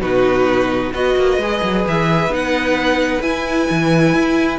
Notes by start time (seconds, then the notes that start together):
0.00 B2 D#4 F#4 B4
0.93 B3 F#4 B4 D#5
1.16 A#3
1.38 G#3 G#4
1.63 F#3
1.88 E3 E5
2.27 B3 D#4
2.34 F#5
3.22 E4 G#5
3.70 E3
4.14 E4